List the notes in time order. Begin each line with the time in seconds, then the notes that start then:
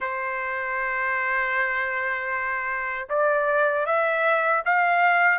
0.00 C5
3.09 D5
3.86 E5
4.65 F5